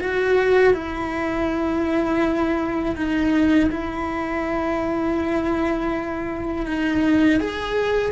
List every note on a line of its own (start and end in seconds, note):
0.00 0.73 F#4
0.73 2.95 E4
2.95 3.69 D#4
3.70 6.66 E4
6.66 7.39 D#4
7.39 8.11 G#4